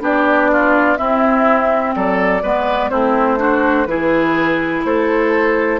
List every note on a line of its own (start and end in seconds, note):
0.00 0.97 B3
0.00 0.97 D4
0.00 0.51 G4
0.00 0.96 D5
0.52 0.98 F4
0.96 2.42 C4
0.96 1.96 C4
0.96 1.95 E4
0.96 1.93 E5
1.95 2.43 F#3
1.95 2.42 A4
1.95 2.90 D5
2.42 2.91 G#3
2.42 2.90 B3
2.42 2.90 B4
2.90 3.87 A3
2.90 3.38 C4
2.90 3.39 E4
2.90 3.86 C5
3.38 3.86 D4
3.38 3.87 F#4
3.86 4.83 E3
3.86 5.79 E4
3.86 4.86 G#4
3.86 4.83 B4
4.85 5.79 A3
4.85 5.79 A4
4.85 5.79 C5